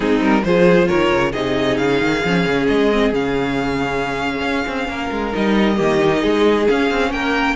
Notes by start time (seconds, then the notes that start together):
0.00 G#3 C4 D#4 G#4
0.21 G3 A#4
0.44 F3 F4 G#4 C5
0.87 D#3 A#4 C#5
1.12 C#3
1.32 C3 D#4 G#4 D#5
1.77 C#3 F5
2.01 D#3
2.25 F3 C#4
2.45 C#3
2.67 G#3 D#5
2.92 C4
3.12 C#3 C#4 F5
4.41 C#4
4.68 C4
4.88 A#3 A#4
5.11 G#3
5.32 G3 D#4 D#5
5.76 D#3 A#3 G4
5.99 D#4
6.20 G#3 G#4
6.68 C#4 F5
6.90 C4
7.11 A#3 A#4 G5